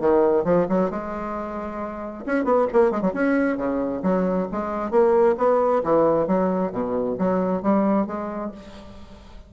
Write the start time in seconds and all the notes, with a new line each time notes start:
0.00 D#3
0.44 F3
0.69 F#3
0.91 G#3
2.26 C#4
2.44 B3
2.73 A#3
2.91 G#3
3.02 F#3
3.14 C#4
3.57 C#3
4.03 F#3
4.52 G#3
4.91 A#3
5.38 B3
5.84 E3
6.27 F#3
6.72 B2
7.19 F#3
7.62 G3
8.07 G#3